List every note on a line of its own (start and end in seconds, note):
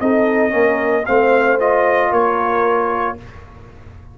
0.00 0.53 C4
0.00 0.50 D#4
0.00 0.52 A4
0.00 1.05 D#5
0.50 1.05 A#3
0.50 1.02 C#4
0.50 1.05 A#4
1.05 2.11 A3
1.05 1.59 C4
1.05 2.11 C5
1.05 1.58 F5
1.59 3.17 F4
1.59 2.12 D#5
2.11 3.16 A#3
2.11 3.16 A#4
2.11 3.18 C#5